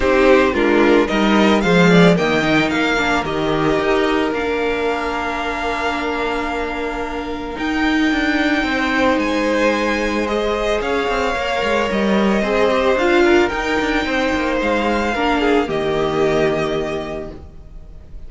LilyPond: <<
  \new Staff \with { instrumentName = "violin" } { \time 4/4 \tempo 4 = 111 c''4 ais'4 dis''4 f''4 | g''4 f''4 dis''2 | f''1~ | f''2 g''2~ |
g''4 gis''2 dis''4 | f''2 dis''2 | f''4 g''2 f''4~ | f''4 dis''2. | }
  \new Staff \with { instrumentName = "violin" } { \time 4/4 g'4 f'4 ais'4 c''8 d''8 | dis''4 ais'2.~ | ais'1~ | ais'1 |
c''1 | cis''2. c''4~ | c''8 ais'4. c''2 | ais'8 gis'8 g'2. | }
  \new Staff \with { instrumentName = "viola" } { \time 4/4 dis'4 d'4 dis'4 gis4 | ais8 dis'4 d'8 g'2 | d'1~ | d'2 dis'2~ |
dis'2. gis'4~ | gis'4 ais'2 gis'8 g'8 | f'4 dis'2. | d'4 ais2. | }
  \new Staff \with { instrumentName = "cello" } { \time 4/4 c'4 gis4 g4 f4 | dis4 ais4 dis4 dis'4 | ais1~ | ais2 dis'4 d'4 |
c'4 gis2. | cis'8 c'8 ais8 gis8 g4 c'4 | d'4 dis'8 d'8 c'8 ais8 gis4 | ais4 dis2. | }
>>